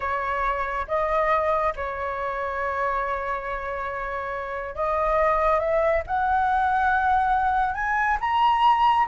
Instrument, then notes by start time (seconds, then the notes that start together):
flute
0.00 C#5
0.87 D#5
1.76 C#5
4.75 D#5
5.59 E5
6.06 F#5
7.74 G#5
8.20 A#5